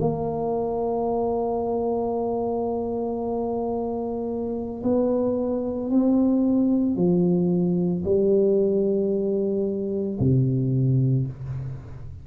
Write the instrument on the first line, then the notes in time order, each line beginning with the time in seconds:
tuba
0.00 A#3
4.83 B3
5.90 C4
6.96 F3
8.05 G3
10.20 C3